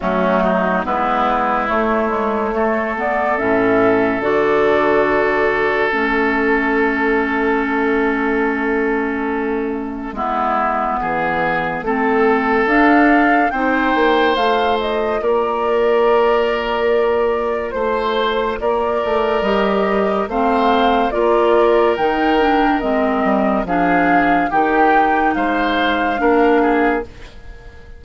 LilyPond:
<<
  \new Staff \with { instrumentName = "flute" } { \time 4/4 \tempo 4 = 71 fis'4 b'4 cis''4. d''8 | e''4 d''2 e''4~ | e''1~ | e''2. f''4 |
g''4 f''8 dis''8 d''2~ | d''4 c''4 d''4 dis''4 | f''4 d''4 g''4 dis''4 | f''4 g''4 f''2 | }
  \new Staff \with { instrumentName = "oboe" } { \time 4/4 cis'8 dis'8 e'2 a'4~ | a'1~ | a'1 | e'4 gis'4 a'2 |
c''2 ais'2~ | ais'4 c''4 ais'2 | c''4 ais'2. | gis'4 g'4 c''4 ais'8 gis'8 | }
  \new Staff \with { instrumentName = "clarinet" } { \time 4/4 a4 b4 a8 gis8 a8 b8 | cis'4 fis'2 cis'4~ | cis'1 | b2 c'4 d'4 |
dis'4 f'2.~ | f'2. g'4 | c'4 f'4 dis'8 d'8 c'4 | d'4 dis'2 d'4 | }
  \new Staff \with { instrumentName = "bassoon" } { \time 4/4 fis4 gis4 a2 | a,4 d2 a4~ | a1 | gis4 e4 a4 d'4 |
c'8 ais8 a4 ais2~ | ais4 a4 ais8 a8 g4 | a4 ais4 dis4 gis8 g8 | f4 dis4 gis4 ais4 | }
>>